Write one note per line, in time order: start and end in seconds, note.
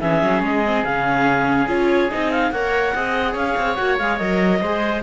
0.00 0.22 E3
0.00 0.63 C#4
0.00 2.53 G#4
0.00 0.42 E5
0.22 0.41 F#3
0.41 0.83 G#3
0.41 0.84 D#5
0.65 0.85 C4
0.84 1.67 C#3
0.84 1.67 C#4
0.84 1.68 F5
1.67 2.08 C#4
1.67 2.09 F4
1.67 2.10 C#5
2.10 2.51 C4
2.10 2.53 D#4
2.10 2.31 D#5
2.31 2.51 F5
2.51 2.93 A#3
2.51 2.94 A#4
2.51 2.94 C#5
2.51 3.35 F#5
2.94 3.34 C4
2.94 3.76 G#4
2.94 3.32 D#5
3.32 3.55 C#4
3.32 4.58 C#5
3.32 3.76 F5
3.57 3.78 C4
3.76 3.99 A#3
3.76 3.97 F#4
3.76 3.97 F#5
3.98 4.20 G#3
3.98 4.19 G#4
3.98 4.17 F5
4.17 4.61 F#3
4.17 4.61 A#4
4.17 5.01 D#5
4.61 5.03 G#3
4.61 5.03 G#4
4.61 5.03 C5